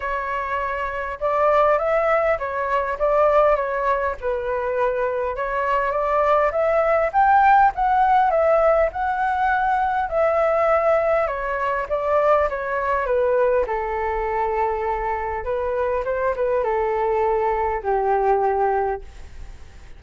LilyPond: \new Staff \with { instrumentName = "flute" } { \time 4/4 \tempo 4 = 101 cis''2 d''4 e''4 | cis''4 d''4 cis''4 b'4~ | b'4 cis''4 d''4 e''4 | g''4 fis''4 e''4 fis''4~ |
fis''4 e''2 cis''4 | d''4 cis''4 b'4 a'4~ | a'2 b'4 c''8 b'8 | a'2 g'2 | }